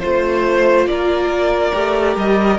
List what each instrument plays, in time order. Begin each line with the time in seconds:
0.00 cello A3, viola F4, violin C5
0.87 cello A#3, violin A#4 D5
1.73 cello A3, viola G4
2.17 cello G3, violin D#5